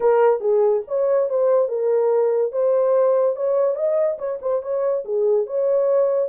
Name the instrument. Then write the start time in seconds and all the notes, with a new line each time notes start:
horn
0.00 A#4
0.40 G#4
0.87 C#5
1.29 C5
1.68 A#4
2.52 C5
3.36 C#5
3.75 D#5
4.18 C#5
4.41 C5
4.62 C#5
5.04 G#4
5.46 C#5